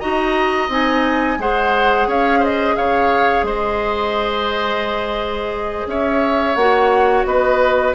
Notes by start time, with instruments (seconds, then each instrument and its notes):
0.00 bassoon D#4, clarinet F#4, oboe D#5, flute A#5
0.69 bassoon C4, clarinet D#4, flute G#5
1.39 bassoon G#3, clarinet G#4, oboe C5, flute F#5
2.07 bassoon C#4, oboe C#5, flute F5
2.40 oboe C5, flute D#5
2.76 bassoon C#3, oboe C#5, flute F5
3.43 bassoon G#3, oboe C5, flute D#5
5.87 bassoon C#4, oboe C#5, flute E5
6.56 bassoon A#3, clarinet F#4, flute F#5
7.25 bassoon B3, oboe B4, flute D#5